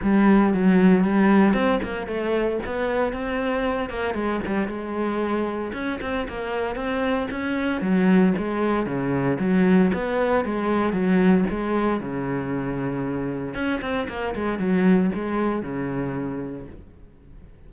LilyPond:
\new Staff \with { instrumentName = "cello" } { \time 4/4 \tempo 4 = 115 g4 fis4 g4 c'8 ais8 | a4 b4 c'4. ais8 | gis8 g8 gis2 cis'8 c'8 | ais4 c'4 cis'4 fis4 |
gis4 cis4 fis4 b4 | gis4 fis4 gis4 cis4~ | cis2 cis'8 c'8 ais8 gis8 | fis4 gis4 cis2 | }